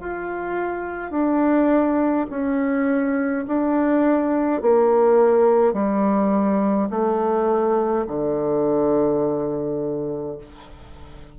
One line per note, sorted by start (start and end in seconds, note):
0.00 1.11 F4
1.11 2.26 D4
2.30 3.45 C#4
3.47 4.61 D4
4.61 5.73 A#3
5.73 6.88 G3
6.90 8.05 A3
8.07 10.37 D3